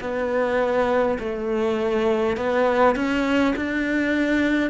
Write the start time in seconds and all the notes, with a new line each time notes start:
0.00 B3
1.19 A3
2.36 B3
2.95 C#4
3.56 D4